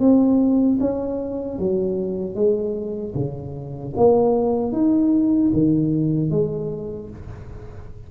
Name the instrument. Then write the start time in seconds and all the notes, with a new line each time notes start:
tuba
0.00 C4
0.80 C#4
1.59 F#3
2.35 G#3
3.15 C#3
3.97 A#3
4.73 D#4
5.53 D#3
6.31 G#3